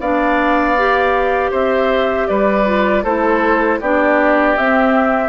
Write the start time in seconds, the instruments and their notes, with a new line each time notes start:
0.00 bassoon B3, clarinet D4, oboe D5, flute F5
0.77 clarinet G4
1.51 bassoon C4, oboe C5, flute E5
2.27 bassoon G3, oboe B4, flute D5
2.66 clarinet F4
3.03 bassoon A3, clarinet E4, oboe A4, flute C5
3.80 bassoon B3, clarinet D4, oboe G4, flute D5
4.57 clarinet C4, bassoon C4, flute E5